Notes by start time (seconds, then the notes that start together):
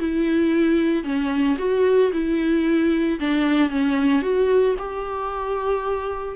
0.00 E4
1.04 C#4
1.59 F#4
2.13 E4
3.20 D4
3.70 C#4
4.23 F#4
4.79 G4